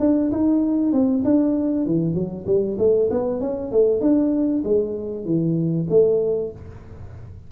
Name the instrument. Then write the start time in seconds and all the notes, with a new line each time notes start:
tuba
0.00 D4
0.31 D#4
0.93 C4
1.25 D4
1.86 E3
2.15 F#3
2.47 G3
2.79 A3
3.10 B3
3.41 C#4
3.72 A3
4.01 D4
4.64 G#3
5.25 E3
5.90 A3